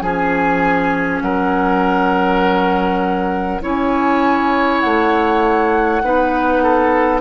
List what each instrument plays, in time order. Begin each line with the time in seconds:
0.00 bassoon F3, clarinet C#4, oboe G#4, flute G#5
1.22 bassoon F#3, oboe A#4, flute F#5
3.62 bassoon C#4, clarinet E4, oboe C#5, flute G#5
4.80 bassoon A3, flute F#5
6.03 bassoon B3, clarinet D#4, oboe B4
6.63 oboe A4